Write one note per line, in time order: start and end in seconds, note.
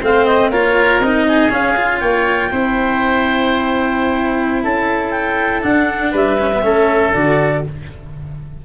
0.00 0.50 A3
0.00 0.52 C4
0.00 0.50 C5
0.00 0.25 F5
0.25 0.50 D#5
0.50 0.99 A#3
0.50 1.02 F4
0.50 1.26 A#4
0.50 1.01 C#5
0.99 1.49 C4
0.99 1.50 D#4
0.99 1.51 D#5
1.28 2.01 G#4
1.50 1.75 C#4
1.50 2.02 C#4
1.50 1.99 F5
1.76 2.51 F4
1.99 2.52 A#3
1.99 2.51 C#5
1.99 4.62 G5
2.51 4.64 C4
2.51 5.62 E4
2.51 4.64 C5
4.64 5.64 C#4
4.64 6.11 A4
4.64 5.11 A5
5.11 5.61 G5
5.62 6.37 D4
5.62 6.13 D4
5.62 6.14 F#5
6.11 6.63 G3
6.11 6.61 B4
6.11 7.13 E5
6.40 6.53 C#4
6.53 6.62 B3
6.62 7.13 A3
6.62 7.12 C#4
6.62 7.65 A4
7.13 7.65 D3
7.13 7.63 F#4
7.13 7.63 D5